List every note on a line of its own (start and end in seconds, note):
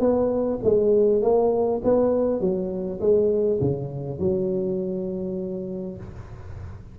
0.00 0.59 B3
0.64 1.22 G#3
1.22 1.82 A#3
1.84 2.41 B3
2.41 3.00 F#3
3.01 3.60 G#3
3.61 4.19 C#3
4.19 5.98 F#3